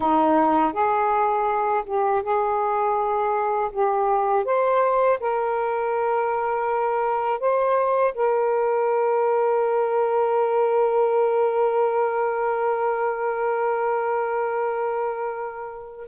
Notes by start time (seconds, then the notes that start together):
0.00 D#4
0.72 G#4
1.85 G4
2.22 G#4
3.72 G4
4.44 C5
5.20 A#4
7.40 C5
8.14 A#4